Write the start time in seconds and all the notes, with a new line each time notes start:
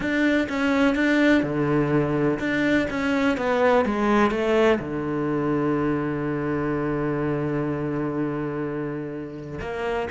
0.00 D4
0.48 C#4
0.95 D4
1.42 D3
2.39 D4
2.89 C#4
3.37 B3
3.85 G#3
4.30 A3
4.79 D3
9.60 A#3